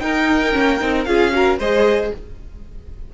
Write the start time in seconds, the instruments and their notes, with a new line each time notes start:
0.00 viola D#4, cello D#4, violin A#4 G5
0.53 cello A#3, viola C#4
0.80 cello C4, viola D#4
1.05 cello C#4, viola F4, violin G#4 F5
1.32 viola F#4, violin A#4
1.59 cello G#3, viola G#4, violin C5 D#5